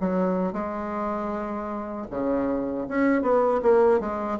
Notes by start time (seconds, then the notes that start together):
0.00 F#3
0.53 G#3
2.10 C#3
2.88 C#4
3.22 B3
3.62 A#3
4.00 G#3